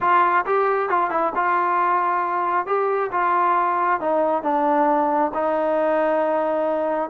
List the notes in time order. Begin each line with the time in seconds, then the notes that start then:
0.00 F4
0.45 G4
0.89 F4
1.10 E4
1.35 F4
2.66 G4
3.11 F4
4.00 D#4
4.42 D4
5.34 D#4